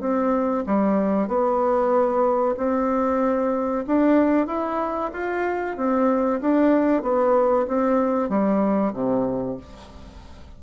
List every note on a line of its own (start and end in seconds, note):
0.00 0.64 C4
0.66 1.27 G3
1.27 2.55 B3
2.57 3.85 C4
3.87 4.47 D4
4.47 5.11 E4
5.13 5.76 F4
5.76 6.40 C4
6.41 7.02 D4
7.02 7.66 B3
7.67 8.29 C4
8.29 8.93 G3
8.93 9.57 C3